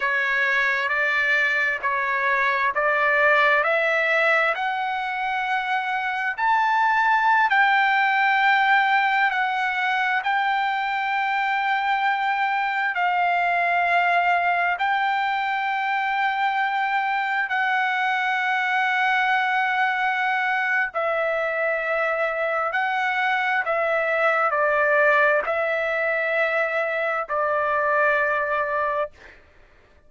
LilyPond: \new Staff \with { instrumentName = "trumpet" } { \time 4/4 \tempo 4 = 66 cis''4 d''4 cis''4 d''4 | e''4 fis''2 a''4~ | a''16 g''2 fis''4 g''8.~ | g''2~ g''16 f''4.~ f''16~ |
f''16 g''2. fis''8.~ | fis''2. e''4~ | e''4 fis''4 e''4 d''4 | e''2 d''2 | }